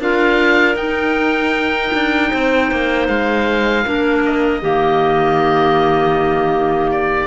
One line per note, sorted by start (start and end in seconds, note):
0.00 0.76 D4
0.00 0.76 F4
0.00 2.31 A#4
0.00 0.77 F5
0.76 3.83 D#4
0.76 1.91 D#4
0.76 3.07 G5
1.94 2.32 D4
2.31 2.71 C4
2.31 3.85 C5
2.71 3.08 A#3
3.08 3.85 G#3
3.08 4.23 F5
3.85 4.63 A#3
3.85 4.62 D4
3.85 4.62 A#4
4.25 6.91 D#5
4.62 7.27 D#3
4.62 7.27 A#3
4.62 7.27 G4
6.91 7.27 D5